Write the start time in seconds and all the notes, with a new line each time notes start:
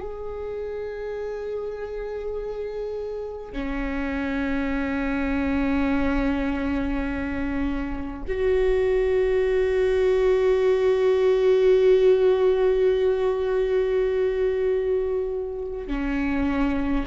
0.00 G#4
3.52 C#4
8.27 F#4
15.87 C#4